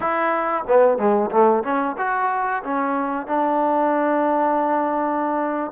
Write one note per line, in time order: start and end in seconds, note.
0.00 0.64 E4
0.67 0.98 B3
0.98 1.30 G#3
1.30 1.63 A3
1.63 1.96 C#4
1.97 2.62 F#4
2.63 3.26 C#4
3.26 5.71 D4